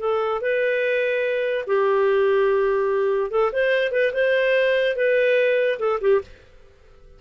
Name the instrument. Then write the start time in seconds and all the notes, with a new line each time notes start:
clarinet
0.00 A4
0.42 B4
1.67 G4
3.31 A4
3.53 C5
3.92 B4
4.13 C5
4.97 B4
5.79 A4
6.01 G4